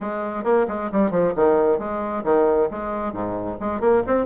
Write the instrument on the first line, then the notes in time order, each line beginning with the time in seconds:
bassoon
0.01 G#3
0.44 A#3
0.68 G#3
0.92 G3
1.11 F3
1.35 D#3
1.78 G#3
2.24 D#3
2.70 G#3
3.12 G#2
3.60 G#3
3.80 A#3
4.06 C4